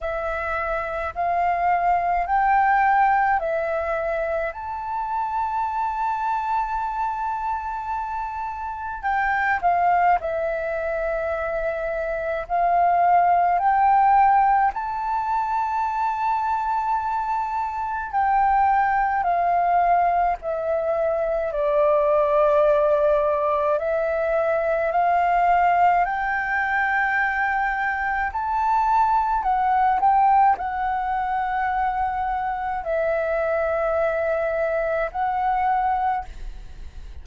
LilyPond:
\new Staff \with { instrumentName = "flute" } { \time 4/4 \tempo 4 = 53 e''4 f''4 g''4 e''4 | a''1 | g''8 f''8 e''2 f''4 | g''4 a''2. |
g''4 f''4 e''4 d''4~ | d''4 e''4 f''4 g''4~ | g''4 a''4 fis''8 g''8 fis''4~ | fis''4 e''2 fis''4 | }